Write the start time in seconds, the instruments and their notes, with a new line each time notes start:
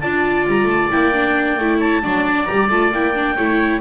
0.00 double bass D4, viola F4, oboe D5, clarinet A5
0.47 double bass G3, clarinet A#5
0.64 double bass A3, clarinet A5
0.91 double bass A#3, viola E4, clarinet G5
1.13 viola D4
1.58 double bass A3, viola E4
1.79 oboe C#5, clarinet A5
2.03 double bass F#3, viola D4, oboe D5
2.45 double bass G3, viola G4, clarinet A#5
2.69 double bass A3, viola F4, clarinet A5
2.92 double bass A#3, viola E4, clarinet G5
3.14 viola D4
3.36 double bass A3, viola E4, oboe C#5